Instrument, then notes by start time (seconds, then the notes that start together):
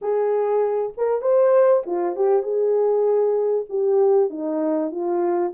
horn
0.01 G#4
0.97 A#4
1.21 C5
1.85 F4
2.15 G4
2.42 G#4
3.69 G4
4.30 D#4
4.91 F4